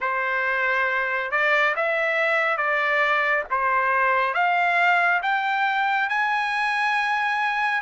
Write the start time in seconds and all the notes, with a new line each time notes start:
0.00 C5
1.31 D5
1.75 E5
2.57 D5
3.50 C5
4.34 F5
5.22 G5
6.09 G#5